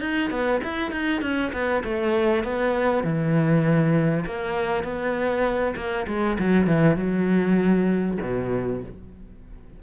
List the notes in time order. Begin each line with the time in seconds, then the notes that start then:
0.00 D#4
0.30 B3
0.63 E4
0.91 D#4
1.21 C#4
1.53 B3
1.84 A3
2.43 B3
3.04 E3
4.25 A#3
4.83 B3
5.76 A#3
6.07 G#3
6.39 F#3
6.66 E3
6.96 F#3
8.21 B2